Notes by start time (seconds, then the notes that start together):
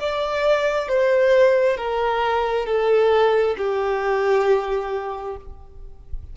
0.00 D5
0.89 C5
1.77 A#4
2.66 A4
3.58 G4